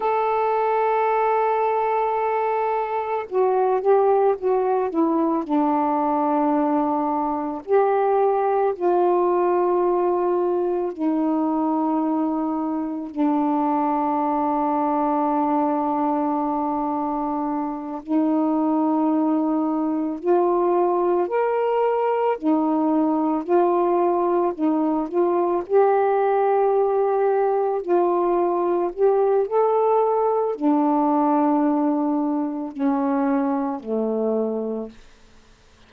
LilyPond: \new Staff \with { instrumentName = "saxophone" } { \time 4/4 \tempo 4 = 55 a'2. fis'8 g'8 | fis'8 e'8 d'2 g'4 | f'2 dis'2 | d'1~ |
d'8 dis'2 f'4 ais'8~ | ais'8 dis'4 f'4 dis'8 f'8 g'8~ | g'4. f'4 g'8 a'4 | d'2 cis'4 a4 | }